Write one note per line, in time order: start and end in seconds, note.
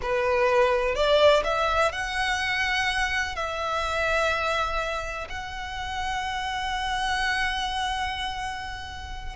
0.02 0.95 B4
0.95 1.43 D5
1.44 1.91 E5
1.91 3.35 F#5
3.35 5.27 E5
5.29 9.35 F#5